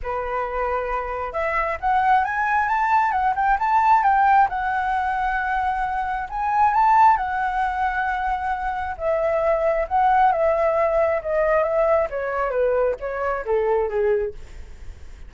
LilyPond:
\new Staff \with { instrumentName = "flute" } { \time 4/4 \tempo 4 = 134 b'2. e''4 | fis''4 gis''4 a''4 fis''8 g''8 | a''4 g''4 fis''2~ | fis''2 gis''4 a''4 |
fis''1 | e''2 fis''4 e''4~ | e''4 dis''4 e''4 cis''4 | b'4 cis''4 a'4 gis'4 | }